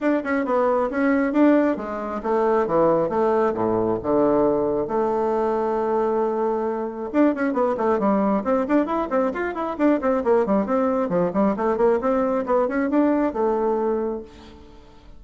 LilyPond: \new Staff \with { instrumentName = "bassoon" } { \time 4/4 \tempo 4 = 135 d'8 cis'8 b4 cis'4 d'4 | gis4 a4 e4 a4 | a,4 d2 a4~ | a1 |
d'8 cis'8 b8 a8 g4 c'8 d'8 | e'8 c'8 f'8 e'8 d'8 c'8 ais8 g8 | c'4 f8 g8 a8 ais8 c'4 | b8 cis'8 d'4 a2 | }